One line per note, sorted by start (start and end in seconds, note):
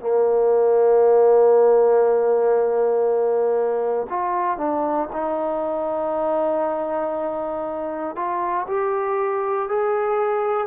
0.00 4.07 A#3
4.10 4.58 F4
4.58 5.09 D4
5.13 8.15 D#4
8.15 8.66 F4
8.68 9.69 G4
9.69 10.67 G#4